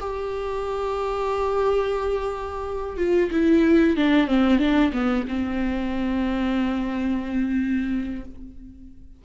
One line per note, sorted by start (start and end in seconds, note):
0.00 2.97 G4
2.97 3.30 F4
3.31 3.97 E4
3.97 4.27 D4
4.27 4.59 C4
4.59 4.92 D4
4.92 5.25 B3
5.27 8.24 C4